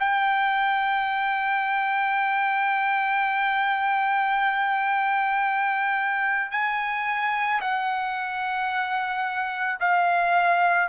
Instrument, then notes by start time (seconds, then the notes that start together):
trumpet
0.00 G5
6.51 G#5
7.61 F#5
9.80 F5